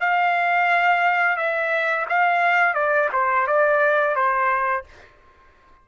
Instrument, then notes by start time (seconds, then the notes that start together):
trumpet
0.00 F5
1.37 E5
2.09 F5
2.74 D5
3.13 C5
3.47 D5
4.15 C5